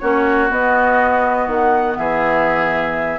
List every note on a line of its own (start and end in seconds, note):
0.00 0.51 A#3
0.00 0.50 C#4
0.00 1.98 F#4
0.00 0.49 C#5
0.50 3.19 B3
0.50 1.47 B3
0.50 1.49 D#5
1.47 1.97 D#3
1.47 1.98 F#5
1.98 3.19 E3
1.98 3.19 G#4
1.98 3.19 E5